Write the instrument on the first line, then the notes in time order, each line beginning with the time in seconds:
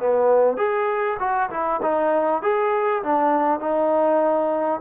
trombone
0.00 B3
0.57 G#4
1.20 F#4
1.51 E4
1.82 D#4
2.42 G#4
3.04 D4
3.60 D#4